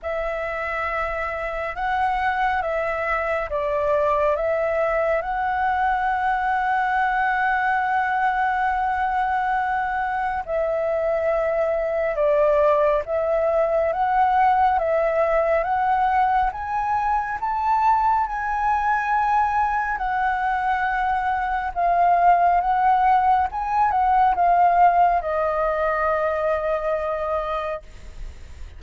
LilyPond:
\new Staff \with { instrumentName = "flute" } { \time 4/4 \tempo 4 = 69 e''2 fis''4 e''4 | d''4 e''4 fis''2~ | fis''1 | e''2 d''4 e''4 |
fis''4 e''4 fis''4 gis''4 | a''4 gis''2 fis''4~ | fis''4 f''4 fis''4 gis''8 fis''8 | f''4 dis''2. | }